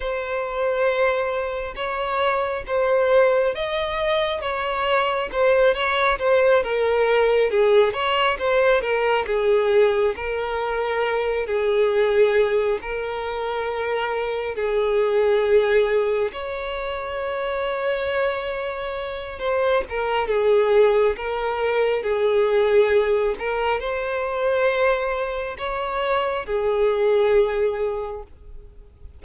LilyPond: \new Staff \with { instrumentName = "violin" } { \time 4/4 \tempo 4 = 68 c''2 cis''4 c''4 | dis''4 cis''4 c''8 cis''8 c''8 ais'8~ | ais'8 gis'8 cis''8 c''8 ais'8 gis'4 ais'8~ | ais'4 gis'4. ais'4.~ |
ais'8 gis'2 cis''4.~ | cis''2 c''8 ais'8 gis'4 | ais'4 gis'4. ais'8 c''4~ | c''4 cis''4 gis'2 | }